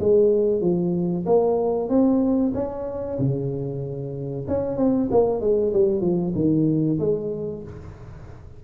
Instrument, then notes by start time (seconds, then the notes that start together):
tuba
0.00 G#3
0.61 F3
1.26 A#3
1.89 C4
2.54 C#4
3.19 C#3
4.48 C#4
4.77 C4
5.11 A#3
5.41 G#3
5.73 G3
6.01 F3
6.35 D#3
6.99 G#3